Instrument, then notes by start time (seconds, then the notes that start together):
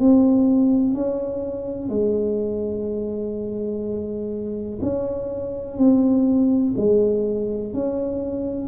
tuba
0.00 C4
0.94 C#4
1.90 G#3
4.82 C#4
5.78 C4
6.77 G#3
7.74 C#4